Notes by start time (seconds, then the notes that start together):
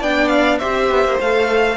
0.00 B3 D4 D5 G5
0.28 F5
0.58 C4 G4 C5 E5
0.90 B3
1.04 A#3
1.20 A3 A4 F5